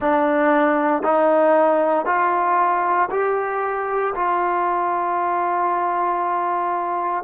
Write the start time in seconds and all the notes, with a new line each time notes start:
0.00 D4
1.03 D#4
2.05 F4
3.10 G4
4.15 F4